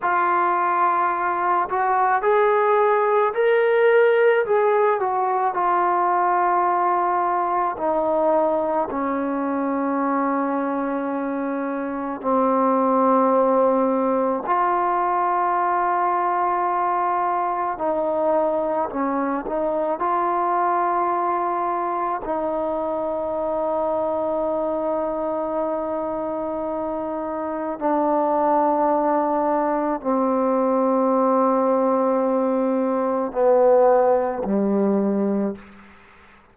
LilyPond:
\new Staff \with { instrumentName = "trombone" } { \time 4/4 \tempo 4 = 54 f'4. fis'8 gis'4 ais'4 | gis'8 fis'8 f'2 dis'4 | cis'2. c'4~ | c'4 f'2. |
dis'4 cis'8 dis'8 f'2 | dis'1~ | dis'4 d'2 c'4~ | c'2 b4 g4 | }